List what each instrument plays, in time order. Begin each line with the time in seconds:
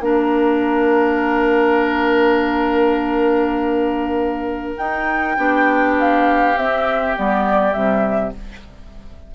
0.00 bassoon A#3, clarinet D4, oboe A#4, flute F5
4.77 clarinet D#4, bassoon D#4, flute G5
5.37 bassoon B3, clarinet D4, oboe G4
6.00 flute F5
6.56 bassoon C4, clarinet C4, flute E5
7.15 bassoon G3, clarinet B3, flute D5
7.73 bassoon C3, clarinet G3, flute E5